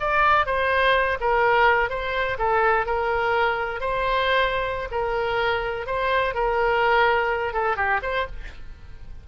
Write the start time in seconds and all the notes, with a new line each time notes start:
0.00 D5
0.46 C5
1.21 A#4
1.90 C5
2.38 A4
2.86 A#4
3.80 C5
4.91 A#4
5.86 C5
6.34 A#4
7.53 A4
7.77 G4
8.02 C5